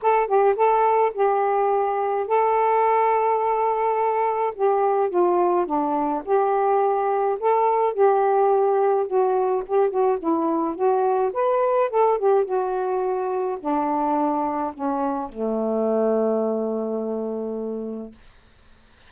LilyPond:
\new Staff \with { instrumentName = "saxophone" } { \time 4/4 \tempo 4 = 106 a'8 g'8 a'4 g'2 | a'1 | g'4 f'4 d'4 g'4~ | g'4 a'4 g'2 |
fis'4 g'8 fis'8 e'4 fis'4 | b'4 a'8 g'8 fis'2 | d'2 cis'4 a4~ | a1 | }